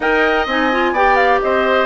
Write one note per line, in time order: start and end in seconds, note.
0.00 0.46 D#4
0.00 0.48 A#4
0.00 0.93 D#5
0.00 0.46 G5
0.46 0.92 C4
0.46 0.72 D#4
0.46 0.95 G#5
0.72 0.95 F4
0.92 1.38 B3
0.92 1.86 G4
0.92 1.40 D5
0.92 1.15 G5
1.15 1.39 F5
1.42 1.86 C4
1.42 1.86 C5
1.42 1.86 D#5